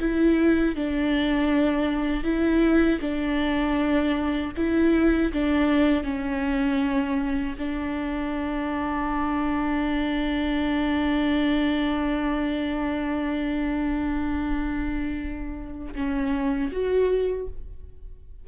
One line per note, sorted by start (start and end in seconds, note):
0.00 0.76 E4
0.76 2.24 D4
2.24 3.00 E4
3.01 4.53 D4
4.57 5.33 E4
5.33 6.04 D4
6.04 7.56 C#4
7.59 15.94 D4
15.95 16.71 C#4
16.72 17.48 F#4